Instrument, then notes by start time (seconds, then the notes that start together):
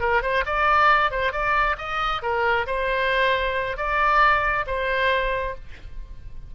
oboe
0.00 A#4
0.22 C5
0.46 D5
1.11 C5
1.32 D5
1.78 D#5
2.22 A#4
2.67 C5
3.77 D5
4.66 C5